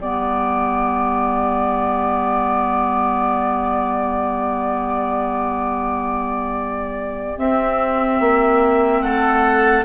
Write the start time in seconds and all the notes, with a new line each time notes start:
0.00 G3 B3 G4 D5
7.38 C4 E5
8.20 A#3
9.02 A3 A4 F#5